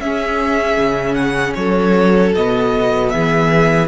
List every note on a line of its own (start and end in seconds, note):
0.00 0.77 C#4
0.00 2.37 C#4
0.00 1.58 G#4
0.00 1.14 E5
0.77 1.55 C#3
1.14 1.53 F#5
1.55 2.34 F#3
1.55 3.13 A4
1.55 2.33 C#5
2.36 3.14 B2
2.36 3.88 B3
2.36 3.10 D#5
3.10 3.88 E3
3.10 3.88 G#4
3.10 3.88 E5